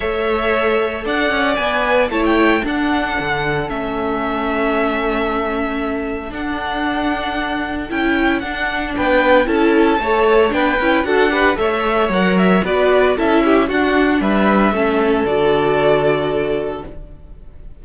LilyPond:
<<
  \new Staff \with { instrumentName = "violin" } { \time 4/4 \tempo 4 = 114 e''2 fis''4 gis''4 | a''16 g''8. fis''2 e''4~ | e''1 | fis''2. g''4 |
fis''4 g''4 a''2 | g''4 fis''4 e''4 fis''8 e''8 | d''4 e''4 fis''4 e''4~ | e''4 d''2. | }
  \new Staff \with { instrumentName = "violin" } { \time 4/4 cis''2 d''2 | cis''4 a'2.~ | a'1~ | a'1~ |
a'4 b'4 a'4 cis''4 | b'4 a'8 b'8 cis''2 | b'4 a'8 g'8 fis'4 b'4 | a'1 | }
  \new Staff \with { instrumentName = "viola" } { \time 4/4 a'2. b'4 | e'4 d'2 cis'4~ | cis'1 | d'2. e'4 |
d'2 e'4 a'4 | d'8 e'8 fis'8 g'8 a'4 ais'4 | fis'4 e'4 d'2 | cis'4 fis'2. | }
  \new Staff \with { instrumentName = "cello" } { \time 4/4 a2 d'8 cis'8 b4 | a4 d'4 d4 a4~ | a1 | d'2. cis'4 |
d'4 b4 cis'4 a4 | b8 cis'8 d'4 a4 fis4 | b4 cis'4 d'4 g4 | a4 d2. | }
>>